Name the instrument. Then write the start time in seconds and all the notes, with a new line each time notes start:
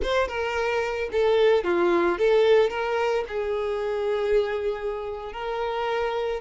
violin
0.02 C5
0.28 A#4
1.12 A4
1.64 F4
2.18 A4
2.70 A#4
3.28 G#4
5.33 A#4